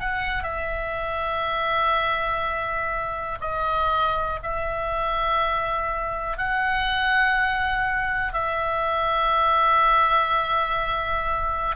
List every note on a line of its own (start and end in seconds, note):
0.00 0.43 F#5
0.43 3.38 E5
3.41 4.39 D#5
4.43 6.37 E5
6.37 8.33 F#5
8.33 11.75 E5